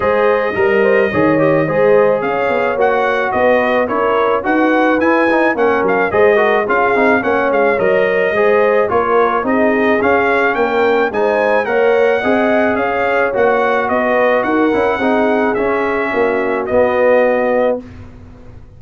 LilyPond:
<<
  \new Staff \with { instrumentName = "trumpet" } { \time 4/4 \tempo 4 = 108 dis''1 | f''4 fis''4 dis''4 cis''4 | fis''4 gis''4 fis''8 f''8 dis''4 | f''4 fis''8 f''8 dis''2 |
cis''4 dis''4 f''4 g''4 | gis''4 fis''2 f''4 | fis''4 dis''4 fis''2 | e''2 dis''2 | }
  \new Staff \with { instrumentName = "horn" } { \time 4/4 c''4 ais'8 c''8 cis''4 c''4 | cis''2 b'4 ais'4 | b'2 ais'4 c''8 ais'8 | gis'4 cis''2 c''4 |
ais'4 gis'2 ais'4 | c''4 cis''4 dis''4 cis''4~ | cis''4 b'4 ais'4 gis'4~ | gis'4 fis'2. | }
  \new Staff \with { instrumentName = "trombone" } { \time 4/4 gis'4 ais'4 gis'8 g'8 gis'4~ | gis'4 fis'2 e'4 | fis'4 e'8 dis'8 cis'4 gis'8 fis'8 | f'8 dis'8 cis'4 ais'4 gis'4 |
f'4 dis'4 cis'2 | dis'4 ais'4 gis'2 | fis'2~ fis'8 e'8 dis'4 | cis'2 b2 | }
  \new Staff \with { instrumentName = "tuba" } { \time 4/4 gis4 g4 dis4 gis4 | cis'8 b8 ais4 b4 cis'4 | dis'4 e'4 ais8 fis8 gis4 | cis'8 c'8 ais8 gis8 fis4 gis4 |
ais4 c'4 cis'4 ais4 | gis4 ais4 c'4 cis'4 | ais4 b4 dis'8 cis'8 c'4 | cis'4 ais4 b2 | }
>>